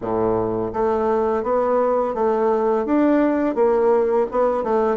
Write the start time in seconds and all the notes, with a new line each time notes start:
0.01 A2
0.73 A3
1.43 B3
2.14 A3
2.85 D4
3.55 A#3
4.31 B3
4.63 A3